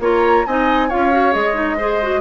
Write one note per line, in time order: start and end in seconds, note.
0.00 0.44 A#3
0.00 0.46 F4
0.00 0.46 C#5
0.00 0.46 A#5
0.46 0.91 C4
0.46 0.91 D#4
0.46 0.88 D#5
0.46 0.91 G#5
0.88 1.35 C#4
0.88 1.12 F4
0.88 1.77 C#5
0.88 1.34 F5
1.12 1.33 F#4
1.33 2.21 G#3
1.33 1.54 G#4
1.33 2.21 D#5
1.54 1.76 D#4
1.77 2.02 G#4
1.77 2.21 C5
2.03 2.21 F#4